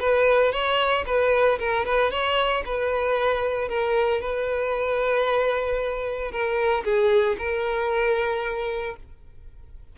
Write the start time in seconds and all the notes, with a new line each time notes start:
0.00 B4
0.52 C#5
1.06 B4
1.59 A#4
1.86 B4
2.11 C#5
2.66 B4
3.69 A#4
4.22 B4
6.32 A#4
6.84 G#4
7.39 A#4